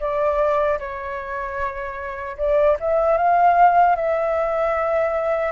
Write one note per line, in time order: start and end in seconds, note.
0.00 0.79 D5
0.79 2.37 C#5
2.38 2.77 D5
2.80 3.18 E5
3.18 3.96 F5
3.96 5.53 E5